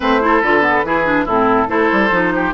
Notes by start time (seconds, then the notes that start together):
0.00 A3 C4 B4 C5
0.20 E4 A4
0.40 D3 F4 B4
0.61 B3
0.84 E3 E4 G#4
1.05 D4
1.25 A2 C4 E4 A4
1.67 A3 E4 A4 C5
1.92 G3
2.10 F3 D#4
2.35 G4